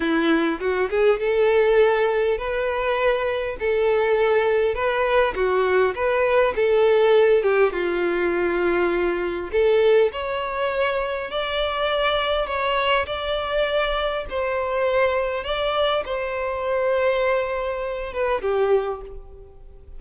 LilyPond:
\new Staff \with { instrumentName = "violin" } { \time 4/4 \tempo 4 = 101 e'4 fis'8 gis'8 a'2 | b'2 a'2 | b'4 fis'4 b'4 a'4~ | a'8 g'8 f'2. |
a'4 cis''2 d''4~ | d''4 cis''4 d''2 | c''2 d''4 c''4~ | c''2~ c''8 b'8 g'4 | }